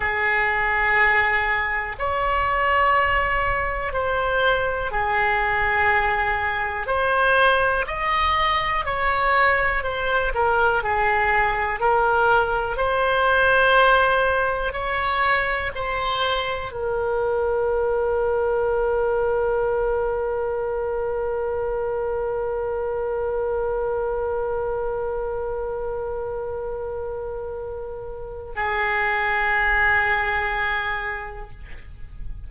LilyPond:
\new Staff \with { instrumentName = "oboe" } { \time 4/4 \tempo 4 = 61 gis'2 cis''2 | c''4 gis'2 c''4 | dis''4 cis''4 c''8 ais'8 gis'4 | ais'4 c''2 cis''4 |
c''4 ais'2.~ | ais'1~ | ais'1~ | ais'4 gis'2. | }